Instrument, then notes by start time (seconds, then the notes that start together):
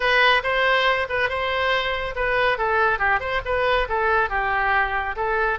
oboe
0.00 B4
0.43 C5
1.09 B4
1.29 C5
2.15 B4
2.58 A4
2.99 G4
3.19 C5
3.45 B4
3.88 A4
4.29 G4
5.15 A4